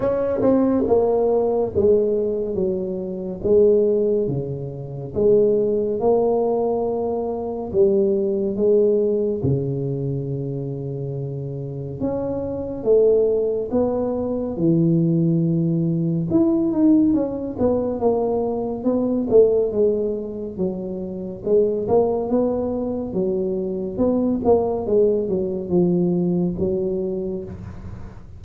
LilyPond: \new Staff \with { instrumentName = "tuba" } { \time 4/4 \tempo 4 = 70 cis'8 c'8 ais4 gis4 fis4 | gis4 cis4 gis4 ais4~ | ais4 g4 gis4 cis4~ | cis2 cis'4 a4 |
b4 e2 e'8 dis'8 | cis'8 b8 ais4 b8 a8 gis4 | fis4 gis8 ais8 b4 fis4 | b8 ais8 gis8 fis8 f4 fis4 | }